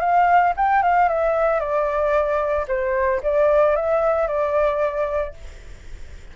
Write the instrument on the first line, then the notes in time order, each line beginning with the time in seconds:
flute
0.00 F5
0.56 G5
0.82 F5
1.08 E5
1.60 D5
2.68 C5
3.23 D5
3.76 E5
4.27 D5